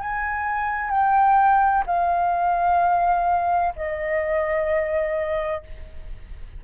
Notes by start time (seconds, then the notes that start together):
0.00 G#5
0.90 G5
1.86 F5
3.76 D#5